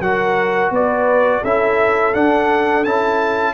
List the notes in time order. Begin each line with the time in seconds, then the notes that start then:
0.00 F#3 F#4 A#4 F#5
0.71 B3 B4 D5
1.42 C#4 E4 A4 E5
2.14 D4 F#5
2.84 C#4 E4 A5